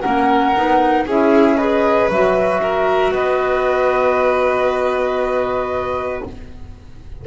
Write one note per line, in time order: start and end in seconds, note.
0.00 0.56 A#3
0.00 0.55 C#4
0.00 1.05 A#4
0.00 1.03 F#5
0.55 1.06 B3
0.55 1.07 D#4
1.06 2.08 C#4
1.06 1.58 E4
1.06 1.57 G#4
1.06 1.57 E5
1.57 2.10 G#4
1.57 2.60 B4
1.57 2.09 D#5
2.08 3.10 F#3
2.08 6.27 F#4
2.08 3.13 E5
2.61 3.13 A#4
3.10 6.21 B3
3.10 6.24 B4
3.10 6.23 D#5